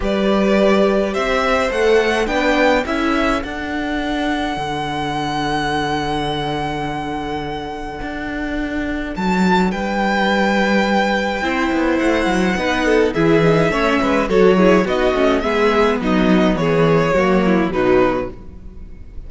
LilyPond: <<
  \new Staff \with { instrumentName = "violin" } { \time 4/4 \tempo 4 = 105 d''2 e''4 fis''4 | g''4 e''4 fis''2~ | fis''1~ | fis''1 |
a''4 g''2.~ | g''4 fis''2 e''4~ | e''4 cis''4 dis''4 e''4 | dis''4 cis''2 b'4 | }
  \new Staff \with { instrumentName = "violin" } { \time 4/4 b'2 c''2 | b'4 a'2.~ | a'1~ | a'1~ |
a'4 b'2. | c''2 b'8 a'8 gis'4 | cis''8 b'8 a'8 gis'8 fis'4 gis'4 | dis'4 gis'4 fis'8 e'8 dis'4 | }
  \new Staff \with { instrumentName = "viola" } { \time 4/4 g'2. a'4 | d'4 e'4 d'2~ | d'1~ | d'1~ |
d'1 | e'2 dis'4 e'8 dis'8 | cis'4 fis'8 e'8 dis'8 cis'8 b4~ | b2 ais4 fis4 | }
  \new Staff \with { instrumentName = "cello" } { \time 4/4 g2 c'4 a4 | b4 cis'4 d'2 | d1~ | d2 d'2 |
fis4 g2. | c'8 b8 a8 fis8 b4 e4 | a8 gis8 fis4 b8 a8 gis4 | fis4 e4 fis4 b,4 | }
>>